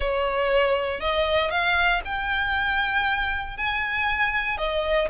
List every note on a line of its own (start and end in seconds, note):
0.00 1.00 C#5
1.00 1.50 D#5
1.50 2.01 F5
2.05 3.57 G5
3.57 4.57 G#5
4.57 5.08 D#5